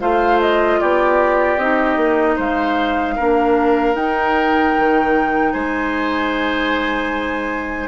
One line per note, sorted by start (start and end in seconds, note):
0.00 0.80 A3
0.00 1.58 F4
0.00 0.79 C5
0.00 0.40 F5
0.41 0.80 D#5
0.80 1.57 B3
0.80 2.35 G4
0.80 1.58 D5
1.57 1.96 C4
1.57 3.18 D#4
1.57 2.37 D#5
1.96 2.36 A#3
2.35 3.17 G#3
2.35 3.14 C5
2.35 3.95 F5
3.16 3.94 A#3
3.16 3.95 D4
3.16 5.52 A#4
3.94 4.73 D#4
3.94 7.88 D#4
3.94 5.52 G5
4.77 5.54 D#3
5.52 7.88 G#3
5.52 7.88 C5
5.52 7.88 G#5